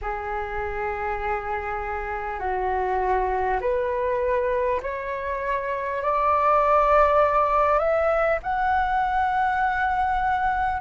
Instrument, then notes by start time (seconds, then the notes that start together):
flute
0.01 G#4
2.39 F#4
3.61 B4
4.82 C#5
6.02 D5
7.78 E5
8.43 F#5